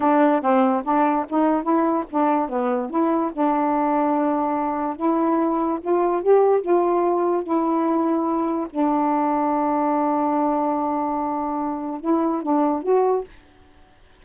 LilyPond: \new Staff \with { instrumentName = "saxophone" } { \time 4/4 \tempo 4 = 145 d'4 c'4 d'4 dis'4 | e'4 d'4 b4 e'4 | d'1 | e'2 f'4 g'4 |
f'2 e'2~ | e'4 d'2.~ | d'1~ | d'4 e'4 d'4 fis'4 | }